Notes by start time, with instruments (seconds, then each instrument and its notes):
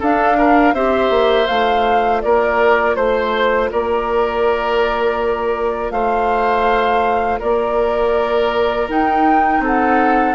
0.00 bassoon D4, clarinet D4, oboe A4, flute F5
0.39 oboe A#4
0.74 bassoon C4, clarinet G4, oboe C5, flute E5
1.10 bassoon A#3
1.46 bassoon A3, clarinet F4, flute F5
2.22 bassoon A#3, oboe A#4, flute D5
2.96 bassoon A3, flute C5, oboe C5
3.72 bassoon A#3, oboe A#4, flute D5
5.91 bassoon A3, oboe C5, flute F5
7.40 bassoon A#3, oboe A#4, flute D5
8.89 clarinet D#4, bassoon D#4, flute G5
9.60 bassoon C4, oboe A4
9.66 flute F#5